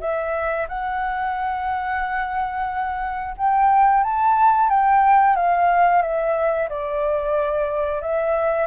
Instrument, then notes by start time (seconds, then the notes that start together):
flute
0.00 E5
0.68 F#5
3.37 G5
4.03 A5
4.69 G5
5.36 F5
6.02 E5
6.69 D5
8.02 E5